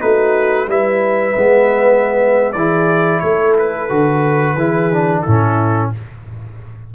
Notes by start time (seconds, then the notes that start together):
0.00 A3 D#4 F#4 B4
0.67 G3 E4 B4 E5
1.36 G#3 B3
2.52 E3 E4 G#4 D5
3.19 A3 A4 C#5
3.58 B4
3.89 D3 F#4
4.55 E3 E4 G#4
4.92 D4
5.21 A2 C#4 E4 A4